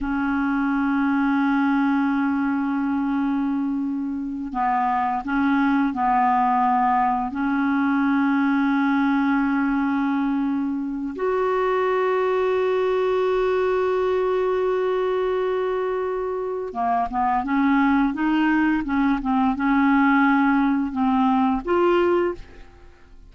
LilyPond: \new Staff \with { instrumentName = "clarinet" } { \time 4/4 \tempo 4 = 86 cis'1~ | cis'2~ cis'8 b4 cis'8~ | cis'8 b2 cis'4.~ | cis'1 |
fis'1~ | fis'1 | ais8 b8 cis'4 dis'4 cis'8 c'8 | cis'2 c'4 f'4 | }